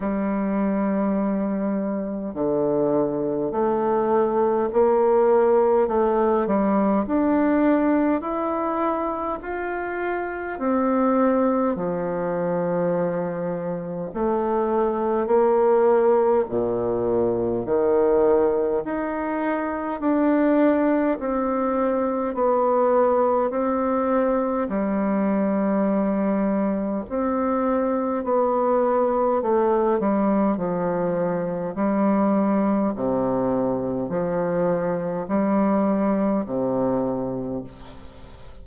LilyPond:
\new Staff \with { instrumentName = "bassoon" } { \time 4/4 \tempo 4 = 51 g2 d4 a4 | ais4 a8 g8 d'4 e'4 | f'4 c'4 f2 | a4 ais4 ais,4 dis4 |
dis'4 d'4 c'4 b4 | c'4 g2 c'4 | b4 a8 g8 f4 g4 | c4 f4 g4 c4 | }